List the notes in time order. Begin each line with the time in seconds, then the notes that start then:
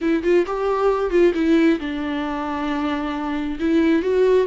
0.01 E4
0.23 F4
0.46 G4
1.10 F4
1.34 E4
1.79 D4
3.59 E4
4.02 F#4